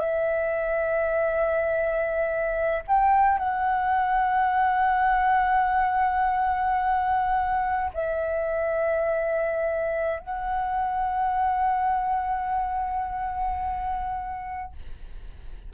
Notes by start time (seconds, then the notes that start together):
0.00 E5
2.88 G5
3.38 F#5
7.94 E5
10.19 F#5